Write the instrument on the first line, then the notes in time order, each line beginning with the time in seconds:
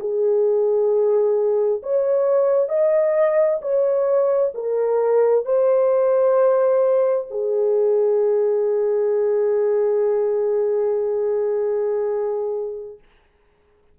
horn
0.00 G#4
1.83 C#5
2.69 D#5
3.62 C#5
4.55 A#4
5.45 C5
7.31 G#4